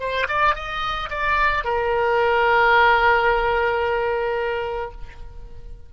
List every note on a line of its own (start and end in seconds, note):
0.00 0.27 C5
0.29 0.55 D5
0.55 1.10 D#5
1.10 1.64 D5
1.64 4.92 A#4